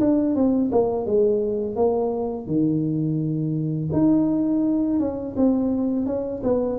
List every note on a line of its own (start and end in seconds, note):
0.00 0.35 D4
0.35 0.71 C4
0.71 1.06 A#3
1.06 1.75 G#3
1.75 2.46 A#3
2.46 3.89 D#3
3.92 4.99 D#4
4.99 5.35 C#4
5.36 6.06 C4
6.06 6.42 C#4
6.43 6.79 B3